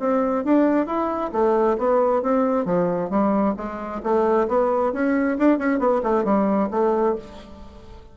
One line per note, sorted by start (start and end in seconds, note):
0.00 0.45 C4
0.45 0.87 D4
0.87 1.32 E4
1.33 1.77 A3
1.78 2.23 B3
2.23 2.65 C4
2.65 3.10 F3
3.10 3.55 G3
3.57 4.02 G#3
4.03 4.48 A3
4.48 4.93 B3
4.93 5.38 C#4
5.39 5.59 D4
5.59 5.80 C#4
5.80 6.02 B3
6.03 6.25 A3
6.25 6.69 G3
6.71 7.16 A3